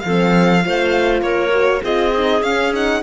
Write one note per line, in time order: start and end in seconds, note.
0.00 0.65 F3
0.00 0.66 A4
0.00 1.20 F5
0.08 0.61 C4
0.61 1.22 A3
0.61 1.51 F4
0.61 1.23 C5
1.22 1.82 A#3
1.22 1.83 A#4
1.22 1.82 C#5
1.52 1.82 F#4
1.83 2.42 C4
1.83 2.13 F4
1.83 3.03 G#4
1.83 2.43 D#5
2.14 2.44 D#4
2.42 3.02 C#4
2.42 2.74 C#4
2.42 2.73 F5
2.74 3.03 D#4
2.74 3.03 F#5